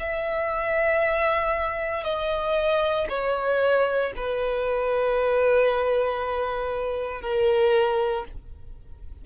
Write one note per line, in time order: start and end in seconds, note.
0.00 2.05 E5
2.05 3.08 D#5
3.09 4.13 C#5
4.17 7.22 B4
7.22 8.25 A#4